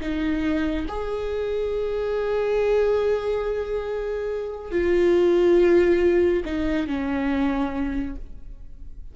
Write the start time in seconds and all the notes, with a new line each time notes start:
0.00 D#4
0.88 G#4
4.71 F4
6.45 D#4
6.87 C#4